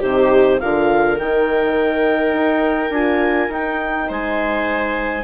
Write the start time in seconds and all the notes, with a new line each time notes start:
0.00 C3 D#4 G4 C5
0.60 D3 F4 A#4 F5
1.19 D#3 D#4 G5
2.33 D#4
2.90 D4 F4 G#5
3.49 D#4 G5
4.09 G#3 C5 G#5